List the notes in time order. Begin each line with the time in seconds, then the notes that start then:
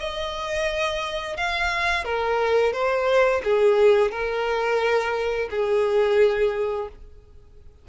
0.00 D#5
1.37 F5
2.05 A#4
2.73 C5
3.45 G#4
4.12 A#4
5.51 G#4